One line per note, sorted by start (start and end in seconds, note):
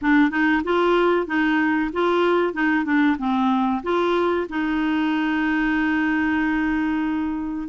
0.01 0.30 D4
0.30 0.62 D#4
0.64 1.26 F4
1.26 1.90 D#4
1.92 2.53 F4
2.53 2.84 D#4
2.84 3.16 D4
3.18 3.82 C4
3.83 4.47 F4
4.49 7.68 D#4